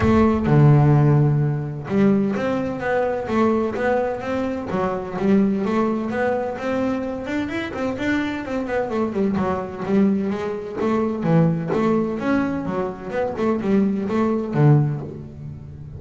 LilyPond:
\new Staff \with { instrumentName = "double bass" } { \time 4/4 \tempo 4 = 128 a4 d2. | g4 c'4 b4 a4 | b4 c'4 fis4 g4 | a4 b4 c'4. d'8 |
e'8 c'8 d'4 c'8 b8 a8 g8 | fis4 g4 gis4 a4 | e4 a4 cis'4 fis4 | b8 a8 g4 a4 d4 | }